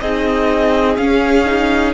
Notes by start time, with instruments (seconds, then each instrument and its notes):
0.00 cello C4, viola D#4, violin G#4 D#5
0.96 viola C#4, cello C#4, violin F5
1.45 viola D#4